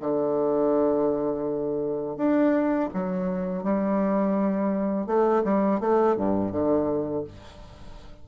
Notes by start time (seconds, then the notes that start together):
0.00 D3
2.17 D4
2.94 F#3
3.63 G3
5.07 A3
5.44 G3
5.80 A3
6.16 G2
6.52 D3